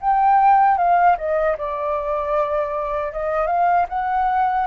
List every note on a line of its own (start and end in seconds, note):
0.00 0.77 G5
0.77 1.16 F5
1.17 1.56 D#5
1.57 3.12 D5
3.12 3.47 D#5
3.47 3.86 F5
3.89 4.67 F#5